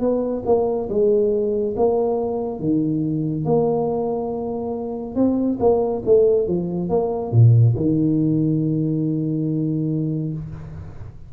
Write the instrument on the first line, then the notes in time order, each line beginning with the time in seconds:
tuba
0.00 B3
0.46 A#3
0.89 G#3
1.76 A#3
2.60 D#3
3.45 A#3
5.15 C4
5.59 A#3
6.05 A3
6.48 F3
6.89 A#3
7.31 A#2
7.76 D#3